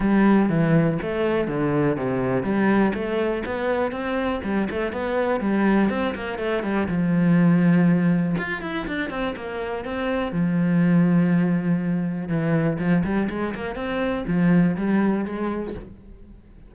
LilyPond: \new Staff \with { instrumentName = "cello" } { \time 4/4 \tempo 4 = 122 g4 e4 a4 d4 | c4 g4 a4 b4 | c'4 g8 a8 b4 g4 | c'8 ais8 a8 g8 f2~ |
f4 f'8 e'8 d'8 c'8 ais4 | c'4 f2.~ | f4 e4 f8 g8 gis8 ais8 | c'4 f4 g4 gis4 | }